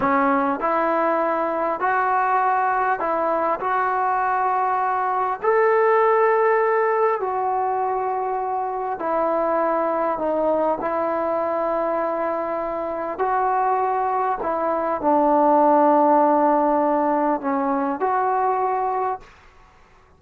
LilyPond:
\new Staff \with { instrumentName = "trombone" } { \time 4/4 \tempo 4 = 100 cis'4 e'2 fis'4~ | fis'4 e'4 fis'2~ | fis'4 a'2. | fis'2. e'4~ |
e'4 dis'4 e'2~ | e'2 fis'2 | e'4 d'2.~ | d'4 cis'4 fis'2 | }